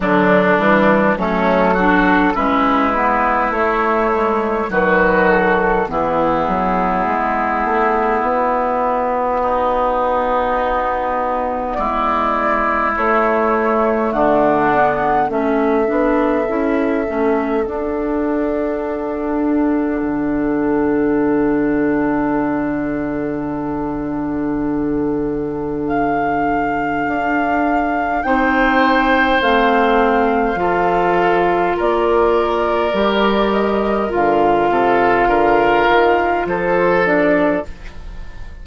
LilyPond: <<
  \new Staff \with { instrumentName = "flute" } { \time 4/4 \tempo 4 = 51 d'4 a'4 b'4 cis''4 | b'8 a'8 gis'2 fis'4~ | fis'2 d''4 cis''4 | fis''4 e''2 fis''4~ |
fis''1~ | fis''2 f''2 | g''4 f''2 d''4~ | d''8 dis''8 f''2 c''8 d''8 | }
  \new Staff \with { instrumentName = "oboe" } { \time 4/4 d'4 cis'8 fis'8 e'2 | fis'4 e'2. | dis'2 e'2 | d'4 a'2.~ |
a'1~ | a'1 | c''2 a'4 ais'4~ | ais'4. a'8 ais'4 a'4 | }
  \new Staff \with { instrumentName = "clarinet" } { \time 4/4 fis8 g8 a8 d'8 cis'8 b8 a8 gis8 | fis4 b2.~ | b2. a4~ | a8 b8 cis'8 d'8 e'8 cis'8 d'4~ |
d'1~ | d'1 | dis'4 c'4 f'2 | g'4 f'2~ f'8 d'8 | }
  \new Staff \with { instrumentName = "bassoon" } { \time 4/4 d8 e8 fis4 gis4 a4 | dis4 e8 fis8 gis8 a8 b4~ | b2 gis4 a4 | d4 a8 b8 cis'8 a8 d'4~ |
d'4 d2.~ | d2. d'4 | c'4 a4 f4 ais4 | g4 d8 c8 d8 dis8 f4 | }
>>